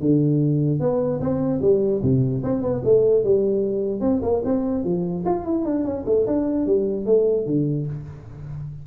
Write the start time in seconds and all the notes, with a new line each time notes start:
0.00 D3
0.80 B3
1.21 C4
1.61 G3
2.02 C3
2.43 C4
2.62 B3
2.84 A3
3.24 G3
4.01 C4
4.23 A#3
4.45 C4
4.84 F3
5.26 F4
5.45 E4
5.65 D4
5.85 C#4
6.06 A3
6.27 D4
6.66 G3
7.06 A3
7.46 D3